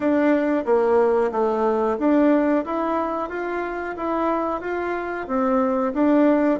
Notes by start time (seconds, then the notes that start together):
0.00 D4
0.65 A#3
1.31 A3
1.98 D4
2.65 E4
3.29 F4
3.97 E4
4.60 F4
5.27 C4
5.93 D4